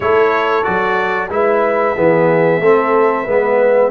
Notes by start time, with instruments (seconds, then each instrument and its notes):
0.00 tuba A3, trombone E4, horn A4, trumpet C#5
0.63 tuba F#3, trombone F#4, trumpet D5
1.29 tuba G#3, trombone E4, horn B4, trumpet E5
1.95 tuba E3, trombone B3, horn G#4
2.60 tuba A3, trombone C4, horn A4
3.23 tuba G#3, trombone B3, horn B4